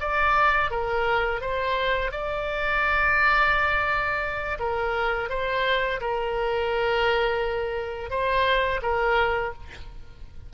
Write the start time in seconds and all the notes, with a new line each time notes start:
0.00 D5
0.71 A#4
1.41 C5
2.11 D5
4.59 A#4
5.29 C5
6.00 A#4
8.10 C5
8.82 A#4